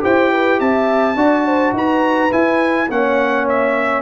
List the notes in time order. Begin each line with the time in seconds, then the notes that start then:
0.00 E4 G4 C5 G5
0.31 B4
0.60 C4 E5 A5
1.15 D4 F#4 D5
1.46 C5
1.73 D#4 B4 A#5
2.30 E4 G#5
2.90 A#3 C#4 C#5 F#5
3.49 E5